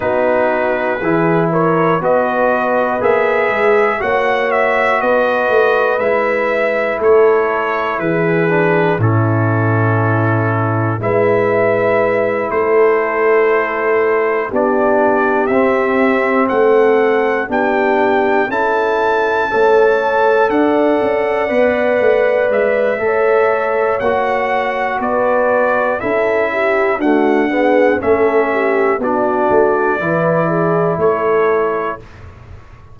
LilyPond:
<<
  \new Staff \with { instrumentName = "trumpet" } { \time 4/4 \tempo 4 = 60 b'4. cis''8 dis''4 e''4 | fis''8 e''8 dis''4 e''4 cis''4 | b'4 a'2 e''4~ | e''8 c''2 d''4 e''8~ |
e''8 fis''4 g''4 a''4.~ | a''8 fis''2 e''4. | fis''4 d''4 e''4 fis''4 | e''4 d''2 cis''4 | }
  \new Staff \with { instrumentName = "horn" } { \time 4/4 fis'4 gis'8 ais'8 b'2 | cis''4 b'2 a'4 | gis'4 e'2 b'4~ | b'8 a'2 g'4.~ |
g'8 a'4 g'4 a'4 cis''8~ | cis''8 d''2~ d''8 cis''4~ | cis''4 b'4 a'8 g'8 fis'8 gis'8 | a'8 g'8 fis'4 b'8 gis'8 a'4 | }
  \new Staff \with { instrumentName = "trombone" } { \time 4/4 dis'4 e'4 fis'4 gis'4 | fis'2 e'2~ | e'8 d'8 cis'2 e'4~ | e'2~ e'8 d'4 c'8~ |
c'4. d'4 e'4 a'8~ | a'4. b'4. a'4 | fis'2 e'4 a8 b8 | cis'4 d'4 e'2 | }
  \new Staff \with { instrumentName = "tuba" } { \time 4/4 b4 e4 b4 ais8 gis8 | ais4 b8 a8 gis4 a4 | e4 a,2 gis4~ | gis8 a2 b4 c'8~ |
c'8 a4 b4 cis'4 a8~ | a8 d'8 cis'8 b8 a8 gis8 a4 | ais4 b4 cis'4 d'4 | a4 b8 a8 e4 a4 | }
>>